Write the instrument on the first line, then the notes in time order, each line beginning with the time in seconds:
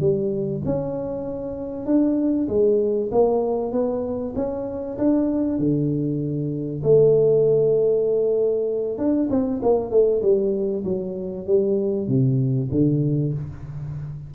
tuba
0.00 G3
0.65 C#4
1.86 D4
2.48 G#3
3.11 A#3
3.72 B3
4.36 C#4
4.98 D4
5.59 D3
6.83 A3
8.98 D4
9.30 C4
9.62 A#3
9.91 A3
10.22 G3
10.84 F#3
11.46 G3
12.07 C3
12.71 D3